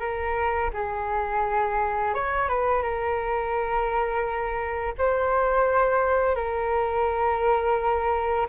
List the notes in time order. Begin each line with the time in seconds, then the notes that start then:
0.00 A#4
0.74 G#4
2.15 C#5
2.49 B4
2.83 A#4
4.98 C5
6.36 A#4